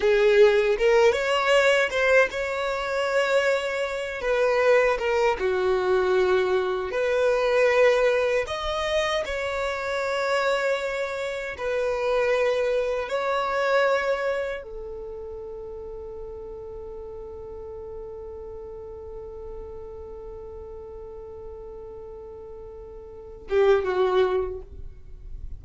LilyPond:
\new Staff \with { instrumentName = "violin" } { \time 4/4 \tempo 4 = 78 gis'4 ais'8 cis''4 c''8 cis''4~ | cis''4. b'4 ais'8 fis'4~ | fis'4 b'2 dis''4 | cis''2. b'4~ |
b'4 cis''2 a'4~ | a'1~ | a'1~ | a'2~ a'8 g'8 fis'4 | }